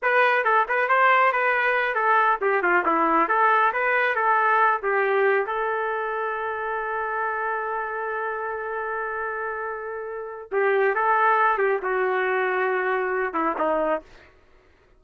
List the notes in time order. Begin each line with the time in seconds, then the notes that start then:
0.02 B4
0.44 A4
0.68 B4
0.88 C5
1.32 B4
1.94 A4
2.41 G4
2.62 F4
2.85 E4
3.28 A4
3.72 B4
4.15 A4
4.82 G4
5.46 A4
10.51 G4
10.94 A4
11.58 G4
11.82 F#4
13.33 E4
13.58 D#4